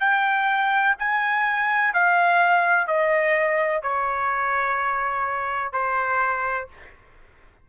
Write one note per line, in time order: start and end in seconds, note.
0.00 0.95 G5
0.99 1.94 G#5
1.94 2.87 F5
2.87 3.82 D#5
3.82 5.73 C#5
5.73 6.68 C5